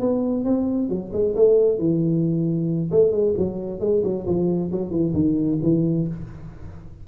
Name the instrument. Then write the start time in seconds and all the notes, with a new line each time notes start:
tuba
0.00 B3
0.44 C4
0.89 F#3
1.13 G#3
1.35 A3
1.78 E3
2.91 A3
3.12 G#3
3.37 F#3
3.80 G#3
4.04 F#3
4.26 F3
4.72 F#3
4.91 E3
5.14 D#3
5.63 E3